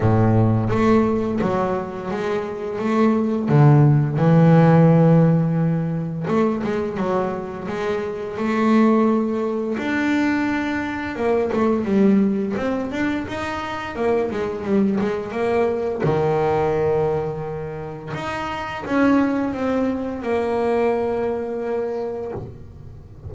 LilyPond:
\new Staff \with { instrumentName = "double bass" } { \time 4/4 \tempo 4 = 86 a,4 a4 fis4 gis4 | a4 d4 e2~ | e4 a8 gis8 fis4 gis4 | a2 d'2 |
ais8 a8 g4 c'8 d'8 dis'4 | ais8 gis8 g8 gis8 ais4 dis4~ | dis2 dis'4 cis'4 | c'4 ais2. | }